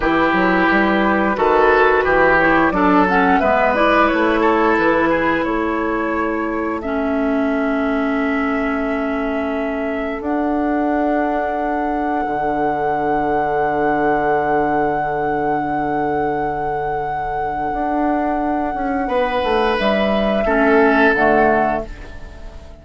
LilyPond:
<<
  \new Staff \with { instrumentName = "flute" } { \time 4/4 \tempo 4 = 88 b'2.~ b'8 cis''8 | d''8 fis''8 e''8 d''8 cis''4 b'4 | cis''2 e''2~ | e''2. fis''4~ |
fis''1~ | fis''1~ | fis''1~ | fis''4 e''2 fis''4 | }
  \new Staff \with { instrumentName = "oboe" } { \time 4/4 g'2 a'4 g'4 | a'4 b'4. a'4 gis'8 | a'1~ | a'1~ |
a'1~ | a'1~ | a'1 | b'2 a'2 | }
  \new Staff \with { instrumentName = "clarinet" } { \time 4/4 e'2 fis'4. e'8 | d'8 cis'8 b8 e'2~ e'8~ | e'2 cis'2~ | cis'2. d'4~ |
d'1~ | d'1~ | d'1~ | d'2 cis'4 a4 | }
  \new Staff \with { instrumentName = "bassoon" } { \time 4/4 e8 fis8 g4 dis4 e4 | fis4 gis4 a4 e4 | a1~ | a2. d'4~ |
d'2 d2~ | d1~ | d2 d'4. cis'8 | b8 a8 g4 a4 d4 | }
>>